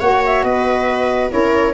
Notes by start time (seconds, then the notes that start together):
0.00 A#3 F#4 C#5 F#5
0.26 E5
0.43 B3 B4 D#5
1.30 C#4 E4 A#4 C#5